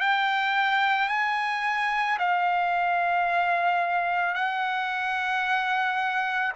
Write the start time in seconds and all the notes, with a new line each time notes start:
0.00 G5
1.09 G#5
2.18 F5
4.34 F#5